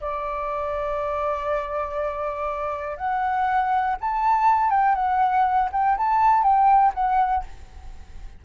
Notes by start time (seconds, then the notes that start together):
0.00 D5
2.96 F#5
4.00 A5
4.70 G5
4.95 F#5
5.72 G5
5.97 A5
6.42 G5
6.94 F#5